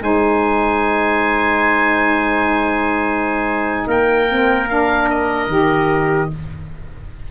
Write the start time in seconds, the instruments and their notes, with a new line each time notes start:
0.00 tuba G#3, saxophone D#4, trumpet C5, oboe G#5
3.87 tuba A#3, trumpet A#4, oboe G5
4.29 saxophone C4
4.68 saxophone D4, oboe F5
5.10 oboe D#5
5.47 tuba D#3, saxophone G4